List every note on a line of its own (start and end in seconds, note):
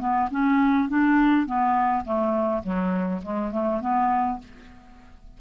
0.00 0.29 B3
0.31 0.89 C#4
0.89 1.46 D4
1.46 2.05 B3
2.05 2.63 A3
2.64 3.22 F#3
3.23 3.52 G#3
3.52 3.81 A3
3.81 4.39 B3